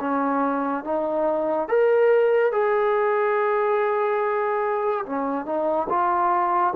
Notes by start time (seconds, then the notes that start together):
0.00 C#4
0.84 D#4
1.68 A#4
2.52 G#4
5.06 C#4
5.45 D#4
5.89 F4